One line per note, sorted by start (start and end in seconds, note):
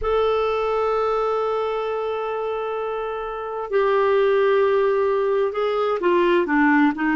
0.01 3.70 A4
3.70 5.52 G4
5.52 5.98 G#4
6.00 6.46 F4
6.46 6.92 D4
6.95 7.16 D#4